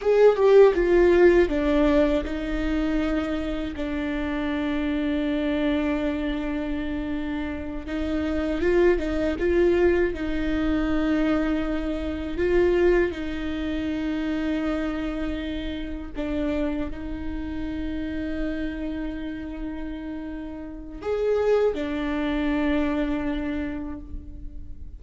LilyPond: \new Staff \with { instrumentName = "viola" } { \time 4/4 \tempo 4 = 80 gis'8 g'8 f'4 d'4 dis'4~ | dis'4 d'2.~ | d'2~ d'8 dis'4 f'8 | dis'8 f'4 dis'2~ dis'8~ |
dis'8 f'4 dis'2~ dis'8~ | dis'4. d'4 dis'4.~ | dis'1 | gis'4 d'2. | }